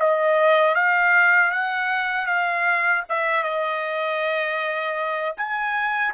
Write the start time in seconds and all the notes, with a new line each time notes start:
0.00 D#5
0.75 F5
1.52 F#5
2.27 F5
3.09 E5
3.44 D#5
5.37 G#5